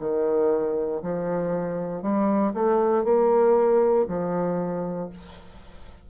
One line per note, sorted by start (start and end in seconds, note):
0.00 1.02 D#3
1.03 2.03 F3
2.03 2.54 G3
2.54 3.05 A3
3.05 4.06 A#3
4.08 5.10 F3